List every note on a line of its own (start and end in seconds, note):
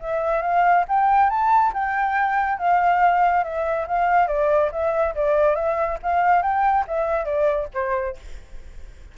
0.00 0.42 E5
0.42 0.85 F5
0.88 1.30 G5
1.30 1.73 A5
1.74 2.58 G5
2.58 3.44 F5
3.44 3.87 E5
3.88 4.28 F5
4.28 4.71 D5
4.72 5.15 E5
5.15 5.56 D5
5.56 5.99 E5
6.03 6.42 F5
6.42 6.85 G5
6.88 7.25 E5
7.25 7.68 D5
7.74 8.17 C5